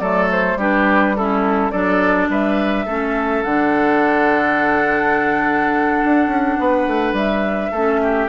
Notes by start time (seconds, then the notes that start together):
0.00 F#3 A3 A4 D5
0.32 C5
0.56 G3 D4 G4 B4
1.17 C#4 E4 A4
1.72 F#3 D4 A4 D5
2.29 G3 B4 E5
2.86 A3 C#4 A4
3.44 D3 D4 F#5
6.05 D4
6.27 C#4
6.59 B3 B4
6.88 A3
7.13 G3 E5
7.72 A3 C#4 A4
8.03 G4